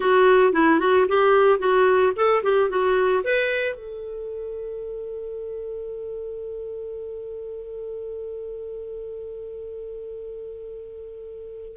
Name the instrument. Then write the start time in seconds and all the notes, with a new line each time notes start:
clarinet
0.00 F#4
0.53 E4
0.79 F#4
1.08 G4
1.59 F#4
2.16 A4
2.43 G4
2.69 F#4
3.24 B4
3.75 A4